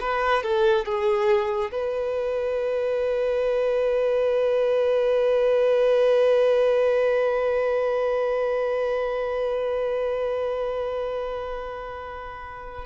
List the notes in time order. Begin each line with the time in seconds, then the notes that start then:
0.00 B4
0.42 A4
0.85 G#4
1.71 B4